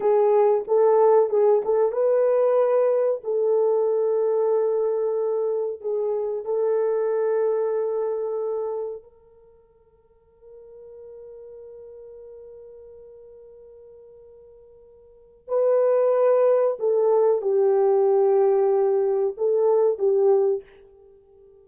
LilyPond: \new Staff \with { instrumentName = "horn" } { \time 4/4 \tempo 4 = 93 gis'4 a'4 gis'8 a'8 b'4~ | b'4 a'2.~ | a'4 gis'4 a'2~ | a'2 ais'2~ |
ais'1~ | ais'1 | b'2 a'4 g'4~ | g'2 a'4 g'4 | }